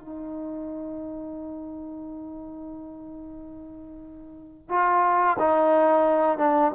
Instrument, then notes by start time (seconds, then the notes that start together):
trombone
0.00 D#4
4.69 F4
5.39 D#4
6.38 D4